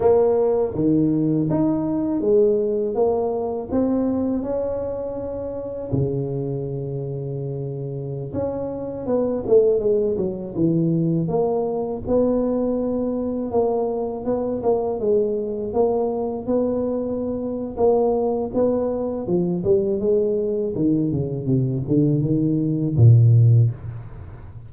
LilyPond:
\new Staff \with { instrumentName = "tuba" } { \time 4/4 \tempo 4 = 81 ais4 dis4 dis'4 gis4 | ais4 c'4 cis'2 | cis2.~ cis16 cis'8.~ | cis'16 b8 a8 gis8 fis8 e4 ais8.~ |
ais16 b2 ais4 b8 ais16~ | ais16 gis4 ais4 b4.~ b16 | ais4 b4 f8 g8 gis4 | dis8 cis8 c8 d8 dis4 ais,4 | }